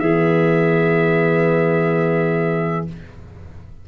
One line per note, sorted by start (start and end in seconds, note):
0.00 2.88 E3
0.00 2.88 B3
0.00 2.88 G#4
0.00 2.87 E5